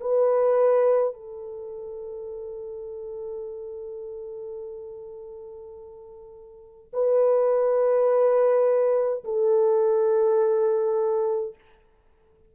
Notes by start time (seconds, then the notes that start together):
0.00 B4
1.13 A4
6.92 B4
9.24 A4